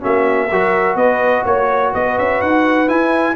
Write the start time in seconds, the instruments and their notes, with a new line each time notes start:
0.00 tuba A#3, trombone C#4, horn F#4, trumpet E5
0.51 tuba F#3, trombone F#4, horn A#4
0.95 tuba B3, horn B4, trumpet D#5
1.44 tuba A#3, horn C#5, trumpet C#5
1.93 tuba B3, horn B4, trumpet D#5
2.18 tuba C#4, trumpet E5
2.41 tuba D#4, trumpet F#5
2.87 trombone E4, tuba E4, trumpet G#5